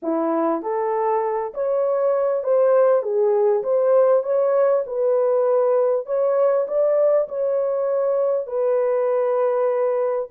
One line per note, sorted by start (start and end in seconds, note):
0.02 0.62 E4
0.62 1.53 A4
1.54 2.43 C#5
2.43 3.02 C5
3.02 3.63 G#4
3.63 4.23 C5
4.23 4.83 C#5
4.86 6.06 B4
6.06 6.66 C#5
6.67 7.28 D5
7.28 8.47 C#5
8.47 10.28 B4